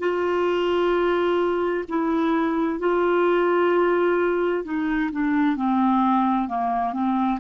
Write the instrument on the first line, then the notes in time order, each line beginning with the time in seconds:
clarinet
0.00 F4
1.89 E4
2.80 F4
4.64 D#4
5.12 D4
5.56 C4
6.48 A#3
6.93 C4